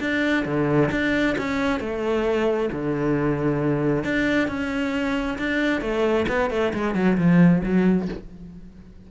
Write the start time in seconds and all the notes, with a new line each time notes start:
0.00 D4
0.45 D3
0.91 D4
1.38 C#4
1.80 A3
2.72 D3
4.04 D4
4.48 C#4
5.39 D4
5.81 A3
6.28 B3
6.50 A3
6.74 G#3
6.95 F#3
7.18 F3
7.64 F#3